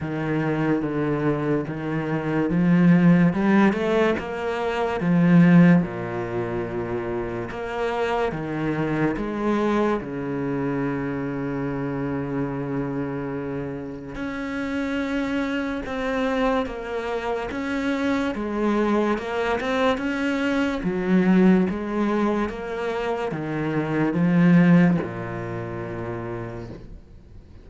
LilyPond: \new Staff \with { instrumentName = "cello" } { \time 4/4 \tempo 4 = 72 dis4 d4 dis4 f4 | g8 a8 ais4 f4 ais,4~ | ais,4 ais4 dis4 gis4 | cis1~ |
cis4 cis'2 c'4 | ais4 cis'4 gis4 ais8 c'8 | cis'4 fis4 gis4 ais4 | dis4 f4 ais,2 | }